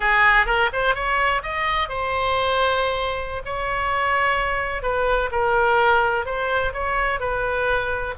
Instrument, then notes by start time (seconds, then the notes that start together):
oboe
0.00 G#4
0.46 A#4
0.72 C5
0.94 C#5
1.42 D#5
1.89 C5
3.45 C#5
4.82 B4
5.31 A#4
6.25 C5
6.73 C#5
7.20 B4